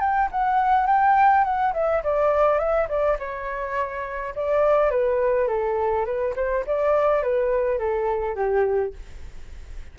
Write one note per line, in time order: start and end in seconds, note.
0.00 0.29 G5
0.31 0.86 F#5
0.86 1.44 G5
1.44 1.73 F#5
1.73 2.02 E5
2.03 2.58 D5
2.58 2.87 E5
2.88 3.17 D5
3.19 4.34 C#5
4.35 4.90 D5
4.90 5.48 B4
5.48 6.05 A4
6.05 6.34 B4
6.36 6.65 C5
6.66 7.22 D5
7.22 7.78 B4
7.78 8.35 A4
8.35 8.93 G4